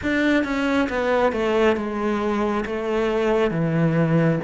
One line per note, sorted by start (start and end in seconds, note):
0.02 0.44 D4
0.44 0.88 C#4
0.89 1.32 B3
1.32 1.76 A3
1.76 2.64 G#3
2.65 3.51 A3
3.51 4.39 E3